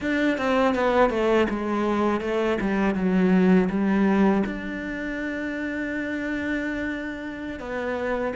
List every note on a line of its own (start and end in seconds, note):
0.00 0.37 D4
0.37 0.74 C4
0.74 1.09 B3
1.09 1.46 A3
1.49 2.21 G#3
2.21 2.58 A3
2.60 2.94 G3
2.94 3.68 F#3
3.69 4.43 G3
4.46 7.59 D4
7.59 8.33 B3